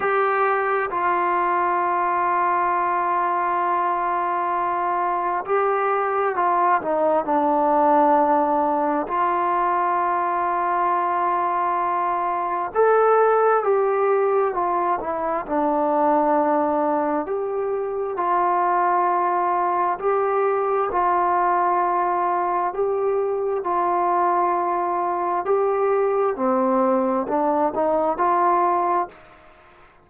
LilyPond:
\new Staff \with { instrumentName = "trombone" } { \time 4/4 \tempo 4 = 66 g'4 f'2.~ | f'2 g'4 f'8 dis'8 | d'2 f'2~ | f'2 a'4 g'4 |
f'8 e'8 d'2 g'4 | f'2 g'4 f'4~ | f'4 g'4 f'2 | g'4 c'4 d'8 dis'8 f'4 | }